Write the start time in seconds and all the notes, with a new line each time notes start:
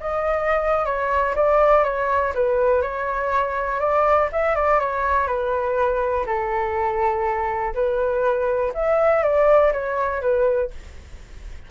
0.00 D#5
0.85 C#5
1.35 D5
1.84 C#5
2.34 B4
2.82 C#5
3.79 D5
4.32 E5
4.55 D5
4.80 C#5
5.27 B4
6.26 A4
7.74 B4
8.74 E5
9.23 D5
9.72 C#5
10.21 B4